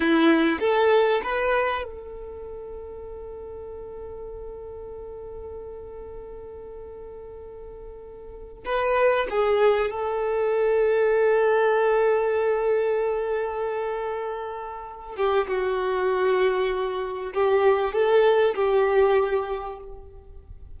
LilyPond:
\new Staff \with { instrumentName = "violin" } { \time 4/4 \tempo 4 = 97 e'4 a'4 b'4 a'4~ | a'1~ | a'1~ | a'2 b'4 gis'4 |
a'1~ | a'1~ | a'8 g'8 fis'2. | g'4 a'4 g'2 | }